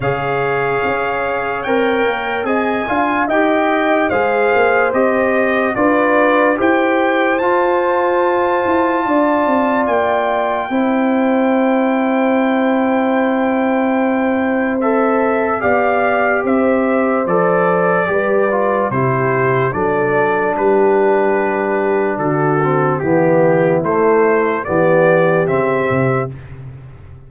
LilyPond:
<<
  \new Staff \with { instrumentName = "trumpet" } { \time 4/4 \tempo 4 = 73 f''2 g''4 gis''4 | g''4 f''4 dis''4 d''4 | g''4 a''2. | g''1~ |
g''2 e''4 f''4 | e''4 d''2 c''4 | d''4 b'2 a'4 | g'4 c''4 d''4 e''4 | }
  \new Staff \with { instrumentName = "horn" } { \time 4/4 cis''2. dis''8 f''8 | dis''4 c''2 b'4 | c''2. d''4~ | d''4 c''2.~ |
c''2. d''4 | c''2 b'4 g'4 | a'4 g'2 fis'4 | e'2 g'2 | }
  \new Staff \with { instrumentName = "trombone" } { \time 4/4 gis'2 ais'4 gis'8 f'8 | g'4 gis'4 g'4 f'4 | g'4 f'2.~ | f'4 e'2.~ |
e'2 a'4 g'4~ | g'4 a'4 g'8 f'8 e'4 | d'2.~ d'8 c'8 | b4 a4 b4 c'4 | }
  \new Staff \with { instrumentName = "tuba" } { \time 4/4 cis4 cis'4 c'8 ais8 c'8 d'8 | dis'4 gis8 ais8 c'4 d'4 | e'4 f'4. e'8 d'8 c'8 | ais4 c'2.~ |
c'2. b4 | c'4 f4 g4 c4 | fis4 g2 d4 | e4 a4 e4 cis8 c8 | }
>>